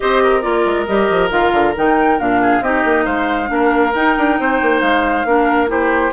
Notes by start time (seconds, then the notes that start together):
0.00 C4 G4 C5 D#5
0.23 A#4
0.41 A#3 F4 D5
0.65 G#3
0.86 G3 G4 D#5
1.09 F3
1.30 D#3 F4 F5
1.52 D3
1.76 D#3 D#4 G5
2.18 A#2 D4 F5
2.41 G#4
2.60 C4 D#4 G4 D#5
2.84 A#3
3.04 G#3 C5 F5
3.46 A#3 D4
3.53 A#4
3.94 D#4 G5
4.17 D4
4.39 C4 C5
4.61 A#3
4.80 G#3 F5
5.25 A#3 D4 A#4
5.67 E4 G4 C5